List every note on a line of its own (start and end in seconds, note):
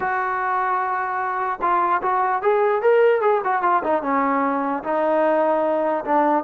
0.00 1.59 F#4
1.61 2.01 F4
2.02 2.42 F#4
2.42 2.82 G#4
2.82 3.21 A#4
3.21 3.41 G#4
3.44 3.62 F#4
3.62 3.82 F4
3.83 4.02 D#4
4.02 4.83 C#4
4.83 6.04 D#4
6.04 6.44 D4